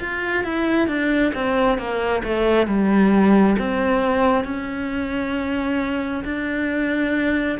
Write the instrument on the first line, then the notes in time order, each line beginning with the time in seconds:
cello
0.00 F4
0.44 E4
0.88 D4
1.34 C4
1.78 A#3
2.23 A3
2.67 G3
3.59 C4
4.45 C#4
6.24 D4